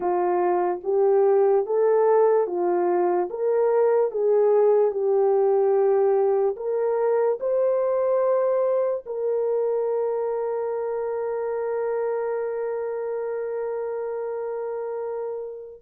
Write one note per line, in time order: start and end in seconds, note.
0.00 0.80 F4
0.83 1.66 G4
1.66 2.47 A4
2.47 3.29 F4
3.30 4.11 A#4
4.11 4.91 G#4
4.91 6.55 G4
6.56 7.38 A#4
7.40 9.04 C5
9.06 15.82 A#4